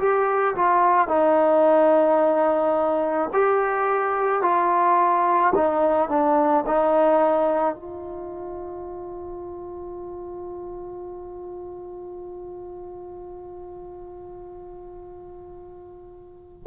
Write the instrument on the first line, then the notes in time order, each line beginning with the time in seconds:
trombone
0.00 G4
0.56 F4
1.09 D#4
3.34 G4
4.42 F4
5.55 D#4
6.10 D4
6.67 D#4
7.75 F4